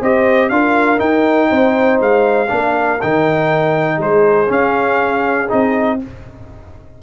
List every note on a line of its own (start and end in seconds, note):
0.00 0.50 C4
0.00 0.51 G4
0.00 0.50 C5
0.00 0.49 D#5
0.49 1.00 D4
0.49 0.97 F4
0.49 1.49 A#4
0.49 0.99 F5
0.97 2.47 D#4
0.97 1.50 D#4
0.97 1.99 G5
1.49 2.00 C4
1.49 2.49 C5
2.00 2.50 G#3
2.00 3.01 F5
2.48 3.01 A#3
2.48 2.98 D4
2.48 3.96 A#4
3.01 3.98 D#3
3.01 4.47 D#4
3.01 4.01 G5
3.96 4.48 G#3
3.96 5.96 G#4
3.96 4.52 C5
4.47 5.47 C#4
4.47 5.50 C#4
4.47 5.50 F5
5.49 6.02 C4
5.49 5.99 D#4
5.49 6.00 D#5